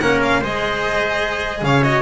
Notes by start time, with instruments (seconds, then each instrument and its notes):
0.00 double bass A#3, cello C#4, trumpet A#4, violin F#5
0.23 violin F5
0.41 double bass G#3, cello G#4, trumpet C5, violin D#5
1.62 double bass C#3, trumpet C#5, violin F5
1.83 cello F#4, violin D#5